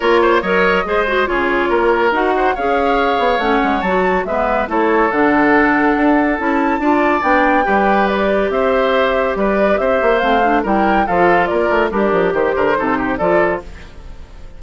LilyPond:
<<
  \new Staff \with { instrumentName = "flute" } { \time 4/4 \tempo 4 = 141 cis''4 dis''2 cis''4~ | cis''4 fis''4 f''2 | fis''4 a''4 e''4 cis''4 | fis''2. a''4~ |
a''4 g''2 d''4 | e''2 d''4 e''4 | f''4 g''4 f''4 d''4 | ais'4 c''2 d''4 | }
  \new Staff \with { instrumentName = "oboe" } { \time 4/4 ais'8 c''8 cis''4 c''4 gis'4 | ais'4. c''8 cis''2~ | cis''2 b'4 a'4~ | a'1 |
d''2 b'2 | c''2 b'4 c''4~ | c''4 ais'4 a'4 ais'4 | d'4 g'8 ais'8 a'8 g'8 a'4 | }
  \new Staff \with { instrumentName = "clarinet" } { \time 4/4 f'4 ais'4 gis'8 fis'8 f'4~ | f'4 fis'4 gis'2 | cis'4 fis'4 b4 e'4 | d'2. e'4 |
f'4 d'4 g'2~ | g'1 | c'8 d'8 e'4 f'2 | g'2 dis'4 f'4 | }
  \new Staff \with { instrumentName = "bassoon" } { \time 4/4 ais4 fis4 gis4 cis4 | ais4 dis'4 cis'4. b8 | a8 gis8 fis4 gis4 a4 | d2 d'4 cis'4 |
d'4 b4 g2 | c'2 g4 c'8 ais8 | a4 g4 f4 ais8 a8 | g8 f8 dis8 d8 c4 f4 | }
>>